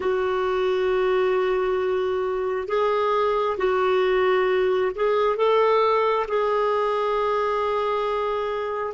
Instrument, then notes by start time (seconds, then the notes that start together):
clarinet
0.00 F#4
2.67 G#4
3.57 F#4
4.95 G#4
5.36 A4
6.27 G#4